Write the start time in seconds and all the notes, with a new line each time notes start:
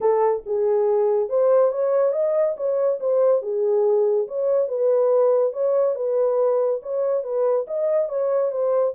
0.01 A4
0.46 G#4
1.29 C5
1.71 C#5
2.12 D#5
2.56 C#5
3.00 C5
3.42 G#4
4.27 C#5
4.68 B4
5.52 C#5
5.95 B4
6.82 C#5
7.23 B4
7.67 D#5
8.09 C#5
8.51 C5